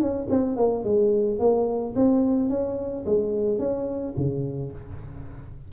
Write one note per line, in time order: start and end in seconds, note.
0.00 0.28 C#4
0.30 0.56 C4
0.56 0.84 A#3
0.84 1.39 G#3
1.39 1.94 A#3
1.95 2.49 C4
2.49 3.05 C#4
3.06 3.59 G#3
3.59 4.14 C#4
4.17 4.72 C#3